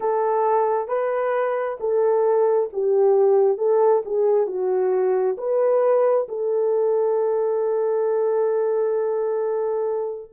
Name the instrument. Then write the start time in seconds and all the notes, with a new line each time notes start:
horn
0.00 A4
0.88 B4
1.80 A4
2.72 G4
3.57 A4
4.05 G#4
4.47 F#4
5.37 B4
6.28 A4